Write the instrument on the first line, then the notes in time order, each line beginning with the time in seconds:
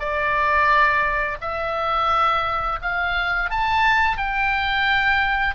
oboe
0.00 D5
1.41 E5
2.82 F5
3.50 A5
4.18 G5